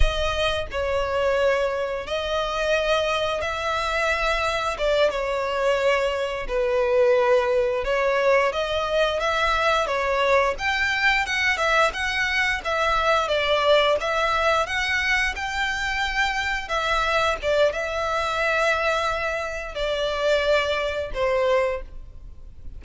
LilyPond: \new Staff \with { instrumentName = "violin" } { \time 4/4 \tempo 4 = 88 dis''4 cis''2 dis''4~ | dis''4 e''2 d''8 cis''8~ | cis''4. b'2 cis''8~ | cis''8 dis''4 e''4 cis''4 g''8~ |
g''8 fis''8 e''8 fis''4 e''4 d''8~ | d''8 e''4 fis''4 g''4.~ | g''8 e''4 d''8 e''2~ | e''4 d''2 c''4 | }